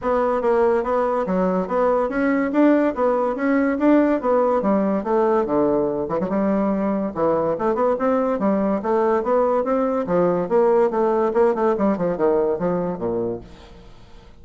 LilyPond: \new Staff \with { instrumentName = "bassoon" } { \time 4/4 \tempo 4 = 143 b4 ais4 b4 fis4 | b4 cis'4 d'4 b4 | cis'4 d'4 b4 g4 | a4 d4. e16 fis16 g4~ |
g4 e4 a8 b8 c'4 | g4 a4 b4 c'4 | f4 ais4 a4 ais8 a8 | g8 f8 dis4 f4 ais,4 | }